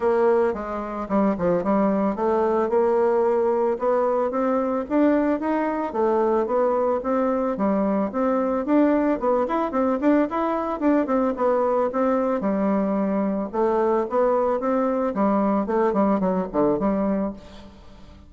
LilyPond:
\new Staff \with { instrumentName = "bassoon" } { \time 4/4 \tempo 4 = 111 ais4 gis4 g8 f8 g4 | a4 ais2 b4 | c'4 d'4 dis'4 a4 | b4 c'4 g4 c'4 |
d'4 b8 e'8 c'8 d'8 e'4 | d'8 c'8 b4 c'4 g4~ | g4 a4 b4 c'4 | g4 a8 g8 fis8 d8 g4 | }